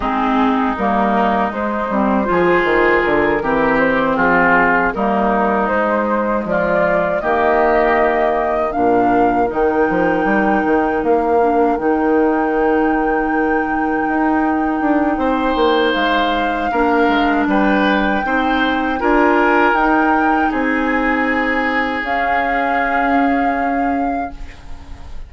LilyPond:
<<
  \new Staff \with { instrumentName = "flute" } { \time 4/4 \tempo 4 = 79 gis'4 ais'4 c''2 | ais'4 c''8 gis'4 ais'4 c''8~ | c''8 d''4 dis''2 f''8~ | f''8 g''2 f''4 g''8~ |
g''1~ | g''4 f''2 g''4~ | g''4 gis''4 g''4 gis''4~ | gis''4 f''2. | }
  \new Staff \with { instrumentName = "oboe" } { \time 4/4 dis'2. gis'4~ | gis'8 g'4 f'4 dis'4.~ | dis'8 f'4 g'2 ais'8~ | ais'1~ |
ais'1 | c''2 ais'4 b'4 | c''4 ais'2 gis'4~ | gis'1 | }
  \new Staff \with { instrumentName = "clarinet" } { \time 4/4 c'4 ais4 gis8 c'8 f'4~ | f'8 c'2 ais4 gis8~ | gis4. ais2 d'8~ | d'8 dis'2~ dis'8 d'8 dis'8~ |
dis'1~ | dis'2 d'2 | dis'4 f'4 dis'2~ | dis'4 cis'2. | }
  \new Staff \with { instrumentName = "bassoon" } { \time 4/4 gis4 g4 gis8 g8 f8 dis8 | d8 e4 f4 g4 gis8~ | gis8 f4 dis2 ais,8~ | ais,8 dis8 f8 g8 dis8 ais4 dis8~ |
dis2~ dis8 dis'4 d'8 | c'8 ais8 gis4 ais8 gis8 g4 | c'4 d'4 dis'4 c'4~ | c'4 cis'2. | }
>>